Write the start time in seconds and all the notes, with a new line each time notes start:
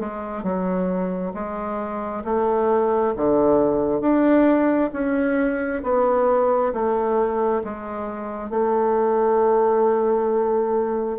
0.00 G#3
0.43 F#3
1.34 G#3
2.25 A3
3.17 D3
4.01 D4
4.93 C#4
5.83 B3
6.73 A3
7.64 G#3
8.50 A3